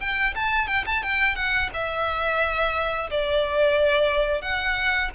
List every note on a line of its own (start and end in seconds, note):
0.00 0.34 G5
0.35 0.67 A5
0.67 0.84 G5
0.86 1.03 A5
1.03 1.36 G5
1.36 1.70 F#5
1.74 3.10 E5
3.11 4.42 D5
4.42 5.10 F#5